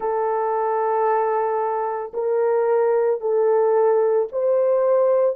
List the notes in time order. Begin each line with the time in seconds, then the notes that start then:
0.00 A4
2.13 A#4
3.20 A4
4.31 C5